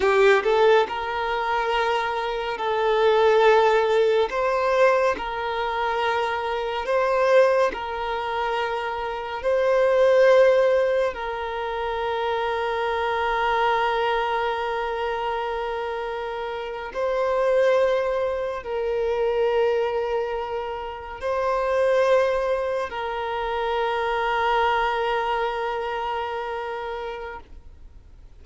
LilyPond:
\new Staff \with { instrumentName = "violin" } { \time 4/4 \tempo 4 = 70 g'8 a'8 ais'2 a'4~ | a'4 c''4 ais'2 | c''4 ais'2 c''4~ | c''4 ais'2.~ |
ais'2.~ ais'8. c''16~ | c''4.~ c''16 ais'2~ ais'16~ | ais'8. c''2 ais'4~ ais'16~ | ais'1 | }